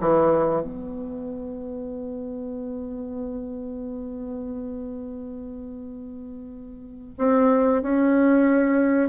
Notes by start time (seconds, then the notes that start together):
0.00 E3
0.61 B3
7.18 C4
7.82 C#4